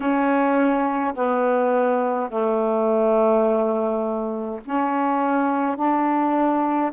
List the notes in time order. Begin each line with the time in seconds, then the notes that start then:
0.00 C#4
1.14 B3
2.29 A3
4.65 C#4
5.75 D4